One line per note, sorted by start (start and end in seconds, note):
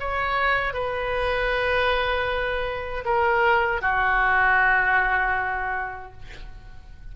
0.00 0.74 C#5
0.74 3.05 B4
3.06 3.82 A#4
3.82 6.13 F#4